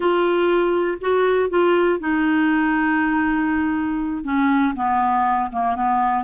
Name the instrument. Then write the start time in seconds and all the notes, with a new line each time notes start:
clarinet
0.00 F4
1.00 F#4
1.49 F4
1.99 D#4
4.24 C#4
4.75 B3
5.52 A#3
5.75 B3